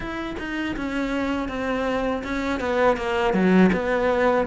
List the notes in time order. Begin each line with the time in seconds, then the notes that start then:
0.00 E4
0.38 D#4
0.76 C#4
1.48 C4
2.23 C#4
2.60 B3
2.96 A#3
3.33 F#3
3.72 B3